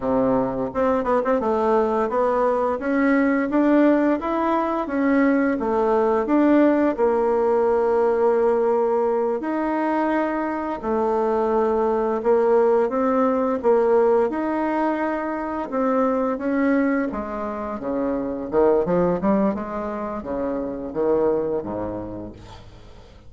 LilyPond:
\new Staff \with { instrumentName = "bassoon" } { \time 4/4 \tempo 4 = 86 c4 c'8 b16 c'16 a4 b4 | cis'4 d'4 e'4 cis'4 | a4 d'4 ais2~ | ais4. dis'2 a8~ |
a4. ais4 c'4 ais8~ | ais8 dis'2 c'4 cis'8~ | cis'8 gis4 cis4 dis8 f8 g8 | gis4 cis4 dis4 gis,4 | }